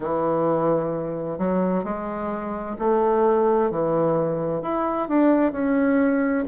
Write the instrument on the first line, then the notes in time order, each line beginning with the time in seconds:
bassoon
0.00 E3
1.38 F#3
1.84 G#3
2.78 A3
3.70 E3
4.62 E4
5.08 D4
5.52 C#4